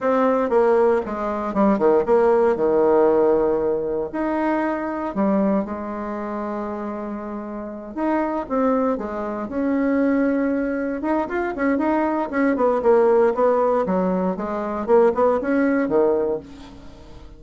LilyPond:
\new Staff \with { instrumentName = "bassoon" } { \time 4/4 \tempo 4 = 117 c'4 ais4 gis4 g8 dis8 | ais4 dis2. | dis'2 g4 gis4~ | gis2.~ gis8 dis'8~ |
dis'8 c'4 gis4 cis'4.~ | cis'4. dis'8 f'8 cis'8 dis'4 | cis'8 b8 ais4 b4 fis4 | gis4 ais8 b8 cis'4 dis4 | }